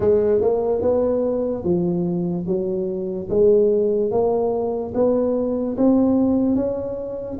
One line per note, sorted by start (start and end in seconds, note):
0.00 0.41 G#3
0.41 0.81 A#3
0.81 1.64 B3
1.64 2.46 F3
2.46 3.28 F#3
3.29 4.11 G#3
4.11 4.93 A#3
4.94 5.76 B3
5.77 6.55 C4
6.55 7.37 C#4